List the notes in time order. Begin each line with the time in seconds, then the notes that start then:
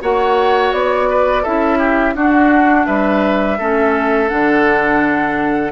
0.00 A#3 F#4 C#5 F#5
0.72 B3 D5
1.09 B4
1.42 C#4 E4 A4 E5
1.78 G4
2.15 D4 F#4 F#5
2.86 G3 B4 E5
3.57 A3 C#4 A4
4.28 D3 D4 F#5